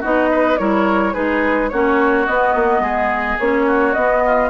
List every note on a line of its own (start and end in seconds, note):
0.00 0.59 B3
0.00 0.57 D#4
0.00 0.28 F#4
0.00 0.58 D#5
0.31 0.59 B4
0.57 1.15 G3
0.57 1.13 E4
0.57 1.13 A#4
0.57 1.13 C#5
1.13 1.72 G#3
1.13 1.69 D#4
1.13 1.69 G#4
1.13 1.69 B4
1.69 2.28 A#3
1.69 2.27 C#4
1.69 2.82 F#4
1.69 2.25 C#5
2.26 3.39 B3
2.26 2.54 B3
2.26 3.38 D#5
2.54 2.79 A#3
2.79 3.35 G#3
2.79 3.66 G#4
3.39 3.95 A#3
3.39 3.95 C#4
3.39 3.93 C#5
3.66 4.22 F#4
3.93 4.49 B3
3.93 4.49 D#5
4.25 4.49 F4